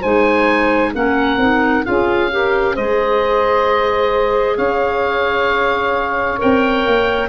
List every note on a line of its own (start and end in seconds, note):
0.00 0.94 G#3
0.00 0.94 D#4
0.00 0.91 C5
0.00 0.93 G#5
0.94 1.37 A#3
0.94 1.39 C#4
0.94 1.85 A#4
0.94 1.85 F#5
1.37 1.83 C4
1.37 1.84 D#4
1.84 2.77 C#4
1.84 2.30 F4
1.84 2.31 G#4
1.84 2.76 F5
2.30 2.76 G4
2.30 2.74 A#4
2.74 4.57 G#3
2.74 6.37 G#4
2.74 4.56 C5
2.74 4.57 D#5
4.56 6.39 C#4
4.56 7.29 C#5
4.56 6.39 F5
6.37 6.86 C4
6.37 7.28 A#4
6.37 7.29 G5
6.86 7.29 A#3